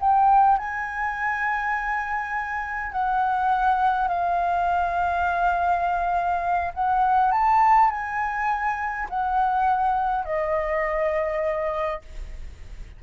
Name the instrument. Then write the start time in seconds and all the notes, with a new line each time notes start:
flute
0.00 G5
0.58 G#5
2.92 F#5
4.08 F5
6.74 F#5
7.32 A5
7.91 G#5
9.10 F#5
10.25 D#5